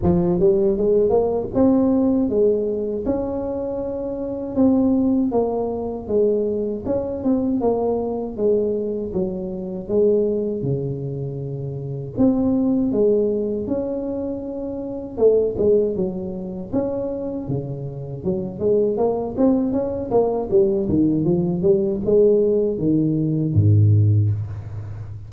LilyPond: \new Staff \with { instrumentName = "tuba" } { \time 4/4 \tempo 4 = 79 f8 g8 gis8 ais8 c'4 gis4 | cis'2 c'4 ais4 | gis4 cis'8 c'8 ais4 gis4 | fis4 gis4 cis2 |
c'4 gis4 cis'2 | a8 gis8 fis4 cis'4 cis4 | fis8 gis8 ais8 c'8 cis'8 ais8 g8 dis8 | f8 g8 gis4 dis4 gis,4 | }